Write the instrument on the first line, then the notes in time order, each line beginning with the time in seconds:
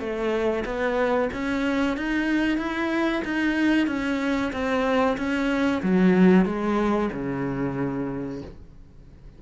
cello
0.00 A3
0.65 B3
1.33 C#4
1.97 D#4
2.58 E4
3.25 D#4
3.87 C#4
4.53 C4
5.18 C#4
5.83 F#3
6.45 G#3
7.13 C#3